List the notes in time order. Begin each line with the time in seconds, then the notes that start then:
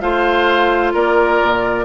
0.00 A3 F4 C5 F5
0.93 A#3 A#4 D5
1.42 A#2